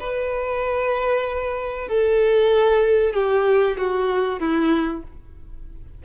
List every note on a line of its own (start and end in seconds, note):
0.00 1.89 B4
1.89 3.14 A4
3.14 3.77 G4
3.78 4.40 F#4
4.40 5.03 E4